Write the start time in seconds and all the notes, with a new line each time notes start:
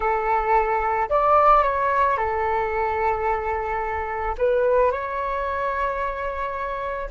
0.00 A4
1.09 D5
1.63 C#5
2.17 A4
4.38 B4
4.91 C#5